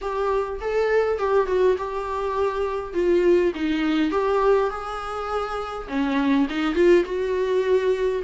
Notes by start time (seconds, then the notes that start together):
0.01 G4
0.60 A4
1.18 G4
1.47 F#4
1.77 G4
2.93 F4
3.55 D#4
4.11 G4
4.70 G#4
5.88 C#4
6.49 D#4
6.74 F4
7.05 F#4